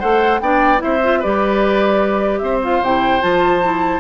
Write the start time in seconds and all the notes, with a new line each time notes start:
0.00 A3 A4 C5 F#5
0.40 B3 D4 D5 G5
0.78 E4 C5 E5
0.85 C4
1.03 F4
1.20 G3 G4 B4 D5
2.38 C4 C5 E5
2.63 F4 F5
2.81 C3 E4 G5
3.20 F3 F4 A5
3.63 E4